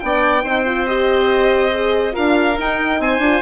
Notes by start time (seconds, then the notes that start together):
0.00 B3 D4 D5 G5
0.43 C4 D#4 C5
0.66 F4
0.87 G4 D#5
1.72 G#4
2.12 D4 F4 A#4 F5
2.58 D#4 G5
3.00 C4 C5 G#5
3.19 D4 F4